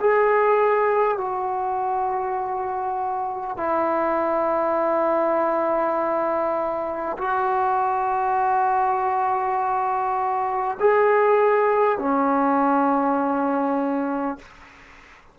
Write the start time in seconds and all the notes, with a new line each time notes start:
0.00 G#4
1.17 F#4
3.57 E4
7.18 F#4
10.79 G#4
11.98 C#4